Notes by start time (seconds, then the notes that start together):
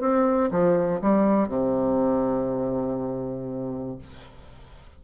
0.00 C4
0.51 F3
1.01 G3
1.48 C3